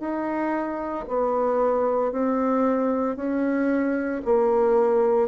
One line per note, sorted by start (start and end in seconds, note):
0.00 1.05 D#4
1.08 2.12 B3
2.12 3.17 C4
3.17 4.22 C#4
4.25 5.28 A#3